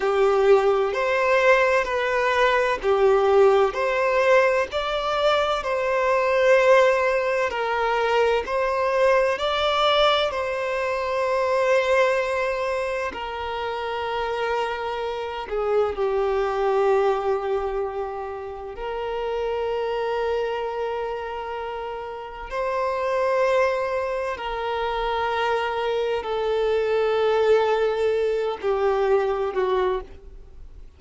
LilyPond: \new Staff \with { instrumentName = "violin" } { \time 4/4 \tempo 4 = 64 g'4 c''4 b'4 g'4 | c''4 d''4 c''2 | ais'4 c''4 d''4 c''4~ | c''2 ais'2~ |
ais'8 gis'8 g'2. | ais'1 | c''2 ais'2 | a'2~ a'8 g'4 fis'8 | }